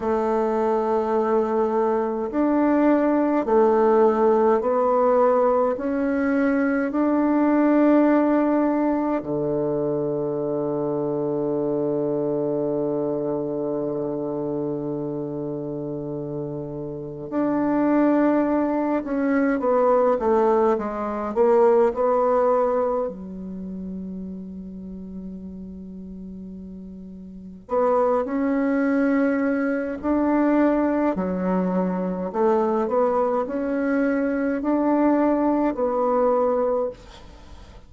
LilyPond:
\new Staff \with { instrumentName = "bassoon" } { \time 4/4 \tempo 4 = 52 a2 d'4 a4 | b4 cis'4 d'2 | d1~ | d2. d'4~ |
d'8 cis'8 b8 a8 gis8 ais8 b4 | fis1 | b8 cis'4. d'4 fis4 | a8 b8 cis'4 d'4 b4 | }